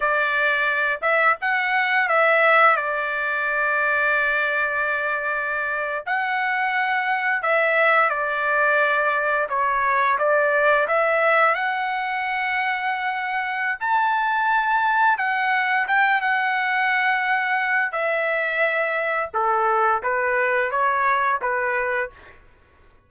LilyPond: \new Staff \with { instrumentName = "trumpet" } { \time 4/4 \tempo 4 = 87 d''4. e''8 fis''4 e''4 | d''1~ | d''8. fis''2 e''4 d''16~ | d''4.~ d''16 cis''4 d''4 e''16~ |
e''8. fis''2.~ fis''16 | a''2 fis''4 g''8 fis''8~ | fis''2 e''2 | a'4 b'4 cis''4 b'4 | }